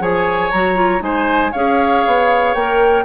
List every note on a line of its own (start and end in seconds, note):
0.00 0.51 F3
0.00 0.51 G#4
0.00 1.03 C#5
0.00 0.51 G#5
0.51 1.02 F#3
0.51 0.75 F#4
0.51 1.02 A#5
0.75 1.00 F4
1.00 1.53 G#3
1.00 1.51 D#4
1.00 1.52 C5
1.00 1.53 G#5
1.52 2.06 C#4
1.52 2.57 G#4
1.52 3.05 C#5
1.52 2.55 F5
2.07 2.55 B3
2.55 3.06 A#3
2.55 3.06 A#4
2.55 3.06 G5